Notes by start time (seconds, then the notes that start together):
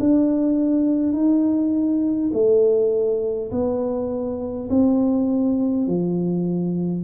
0.00 D4
1.13 D#4
2.34 A3
3.51 B3
4.70 C4
5.87 F3